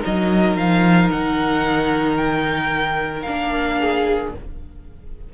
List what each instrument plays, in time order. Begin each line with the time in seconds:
0.00 viola D#4, violin A#4 D#5
0.06 cello F#3
0.56 cello F3, violin F5
1.10 cello D#3, violin F#5
2.17 violin G5
3.22 cello A#3, viola D4, violin F5
3.80 violin G#4